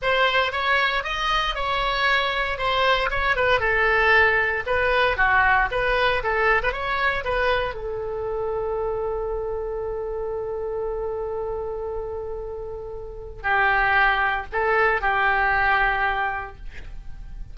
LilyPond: \new Staff \with { instrumentName = "oboe" } { \time 4/4 \tempo 4 = 116 c''4 cis''4 dis''4 cis''4~ | cis''4 c''4 cis''8 b'8 a'4~ | a'4 b'4 fis'4 b'4 | a'8. b'16 cis''4 b'4 a'4~ |
a'1~ | a'1~ | a'2 g'2 | a'4 g'2. | }